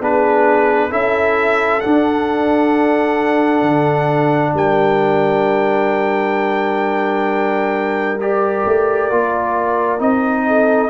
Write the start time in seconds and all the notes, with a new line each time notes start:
0.00 B3 D4 G#4 B4
0.89 C#4 E4 A4 E5
1.80 D4 F#5
3.62 D3
4.54 G3 A#4 G5
8.21 G4 D5
8.65 A3
9.10 A#3 F4
9.98 C4 D#4 D#5
10.46 A4